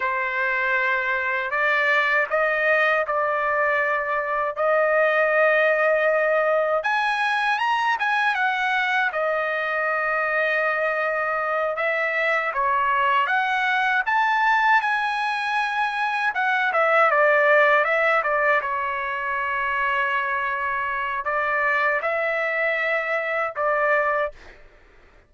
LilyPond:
\new Staff \with { instrumentName = "trumpet" } { \time 4/4 \tempo 4 = 79 c''2 d''4 dis''4 | d''2 dis''2~ | dis''4 gis''4 ais''8 gis''8 fis''4 | dis''2.~ dis''8 e''8~ |
e''8 cis''4 fis''4 a''4 gis''8~ | gis''4. fis''8 e''8 d''4 e''8 | d''8 cis''2.~ cis''8 | d''4 e''2 d''4 | }